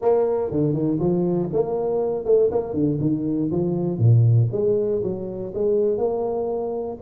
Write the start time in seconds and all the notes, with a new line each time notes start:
0.01 A#3
0.50 D3
0.73 D#3
0.99 F3
1.52 A#3
2.25 A3
2.51 A#3
2.73 D3
3.00 D#3
3.51 F3
3.98 A#2
4.52 G#3
5.03 F#3
5.54 G#3
5.97 A#3